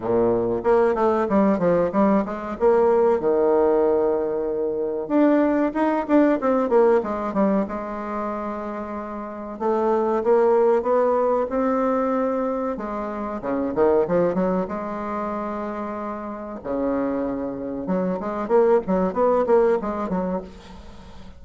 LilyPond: \new Staff \with { instrumentName = "bassoon" } { \time 4/4 \tempo 4 = 94 ais,4 ais8 a8 g8 f8 g8 gis8 | ais4 dis2. | d'4 dis'8 d'8 c'8 ais8 gis8 g8 | gis2. a4 |
ais4 b4 c'2 | gis4 cis8 dis8 f8 fis8 gis4~ | gis2 cis2 | fis8 gis8 ais8 fis8 b8 ais8 gis8 fis8 | }